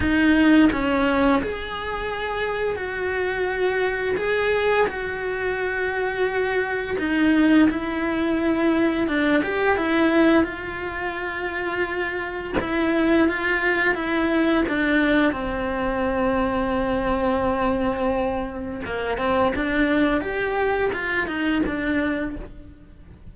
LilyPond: \new Staff \with { instrumentName = "cello" } { \time 4/4 \tempo 4 = 86 dis'4 cis'4 gis'2 | fis'2 gis'4 fis'4~ | fis'2 dis'4 e'4~ | e'4 d'8 g'8 e'4 f'4~ |
f'2 e'4 f'4 | e'4 d'4 c'2~ | c'2. ais8 c'8 | d'4 g'4 f'8 dis'8 d'4 | }